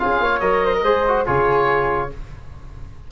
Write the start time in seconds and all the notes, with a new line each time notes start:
0.00 C#4 F4 G#4 F5
0.21 A#3 C#5
0.40 F#3 A#4 D#5
0.65 C5
0.76 A#4
0.83 G#3 G#4 C5
1.08 F#4
1.26 C#3 F4 G#4 C#5